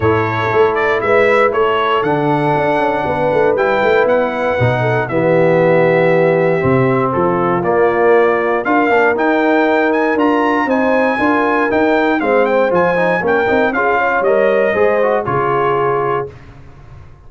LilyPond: <<
  \new Staff \with { instrumentName = "trumpet" } { \time 4/4 \tempo 4 = 118 cis''4. d''8 e''4 cis''4 | fis''2. g''4 | fis''2 e''2~ | e''2 a'4 d''4~ |
d''4 f''4 g''4. gis''8 | ais''4 gis''2 g''4 | f''8 g''8 gis''4 g''4 f''4 | dis''2 cis''2 | }
  \new Staff \with { instrumentName = "horn" } { \time 4/4 a'2 b'4 a'4~ | a'2 b'2~ | b'4. a'8 g'2~ | g'2 f'2~ |
f'4 ais'2.~ | ais'4 c''4 ais'2 | c''2 ais'4 gis'8 cis''8~ | cis''4 c''4 gis'2 | }
  \new Staff \with { instrumentName = "trombone" } { \time 4/4 e'1 | d'2. e'4~ | e'4 dis'4 b2~ | b4 c'2 ais4~ |
ais4 f'8 d'8 dis'2 | f'4 dis'4 f'4 dis'4 | c'4 f'8 dis'8 cis'8 dis'8 f'4 | ais'4 gis'8 fis'8 f'2 | }
  \new Staff \with { instrumentName = "tuba" } { \time 4/4 a,4 a4 gis4 a4 | d4 d'8 cis'8 b8 a8 g8 a8 | b4 b,4 e2~ | e4 c4 f4 ais4~ |
ais4 d'8 ais8 dis'2 | d'4 c'4 d'4 dis'4 | gis4 f4 ais8 c'8 cis'4 | g4 gis4 cis2 | }
>>